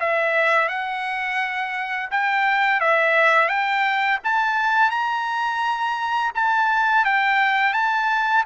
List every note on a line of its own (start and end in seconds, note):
0.00 0.69 E5
0.69 2.10 F#5
2.11 2.80 G5
2.80 3.48 E5
3.48 4.19 G5
4.24 4.91 A5
4.91 6.32 A#5
6.35 7.05 A5
7.05 7.74 G5
7.74 8.44 A5